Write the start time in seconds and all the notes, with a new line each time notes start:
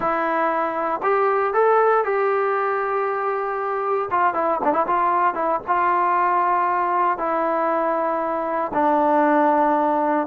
0.00 E4
1.03 G4
1.53 A4
2.04 G4
4.10 F4
4.34 E4
4.63 D4
4.73 E4
4.86 F4
5.34 E4
5.67 F4
7.17 E4
8.73 D4